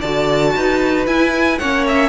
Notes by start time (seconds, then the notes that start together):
0.00 D3 F#4 D5 A5
0.56 D#4 B4
1.07 E4 G#5
1.59 A#3 C#4 C#5 F#5
1.88 E5